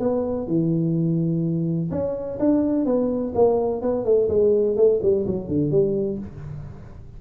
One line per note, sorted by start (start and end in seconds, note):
0.00 0.48 B3
0.48 1.91 E3
1.91 2.39 C#4
2.40 2.86 D4
2.86 3.33 B3
3.35 3.82 A#3
3.82 4.05 B3
4.05 4.29 A3
4.29 4.77 G#3
4.77 5.00 A3
5.03 5.26 G3
5.27 5.48 F#3
5.48 5.71 D3
5.71 6.19 G3